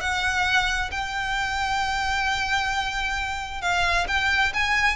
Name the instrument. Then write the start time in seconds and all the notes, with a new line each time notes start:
violin
0.00 F#5
0.91 G5
3.61 F5
4.07 G5
4.53 G#5